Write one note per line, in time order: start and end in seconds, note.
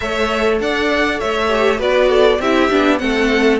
0.00 0.59 A3
0.00 1.48 A4
0.00 0.61 C#5
0.00 0.58 E5
0.59 1.20 D4
0.59 1.19 D5
0.59 1.20 F#5
1.19 1.79 A3
1.19 1.78 C#5
1.19 1.79 E5
1.48 1.78 G4
1.78 2.39 B3
1.78 2.38 F#4
1.78 2.08 B4
1.78 2.41 D5
2.08 2.39 A4
2.39 2.69 C4
2.39 2.70 E4
2.39 3.00 G4
2.39 2.98 E5
2.70 3.01 B3
2.70 2.98 D4
2.98 3.60 A3
2.98 3.58 C4
2.98 3.60 A4
2.98 3.58 F#5